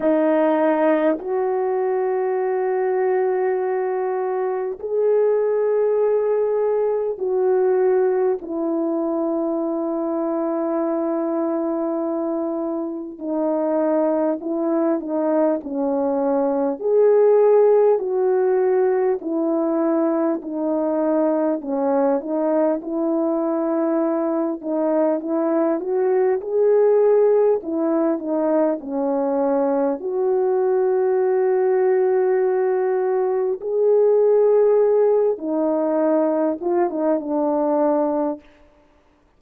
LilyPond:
\new Staff \with { instrumentName = "horn" } { \time 4/4 \tempo 4 = 50 dis'4 fis'2. | gis'2 fis'4 e'4~ | e'2. dis'4 | e'8 dis'8 cis'4 gis'4 fis'4 |
e'4 dis'4 cis'8 dis'8 e'4~ | e'8 dis'8 e'8 fis'8 gis'4 e'8 dis'8 | cis'4 fis'2. | gis'4. dis'4 f'16 dis'16 d'4 | }